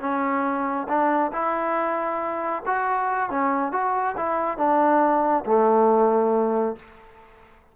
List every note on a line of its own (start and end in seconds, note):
0.00 0.87 C#4
0.88 1.32 D4
1.32 2.63 E4
2.66 3.30 F#4
3.30 3.72 C#4
3.72 4.16 F#4
4.17 4.58 E4
4.58 5.44 D4
5.46 6.76 A3